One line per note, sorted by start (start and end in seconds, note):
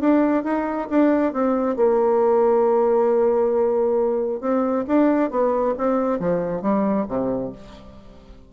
0.00 0.44 D4
0.44 0.88 D#4
0.90 1.33 D4
1.33 1.76 C4
1.76 4.41 A#3
4.41 4.85 C4
4.87 5.30 D4
5.30 5.75 B3
5.78 6.19 C4
6.19 6.62 F3
6.62 7.06 G3
7.08 7.52 C3